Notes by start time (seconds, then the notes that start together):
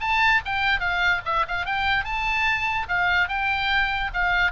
0.00 A5
0.45 G5
0.80 F5
1.25 E5
1.48 F5
1.65 G5
2.04 A5
2.88 F5
3.28 G5
4.13 F5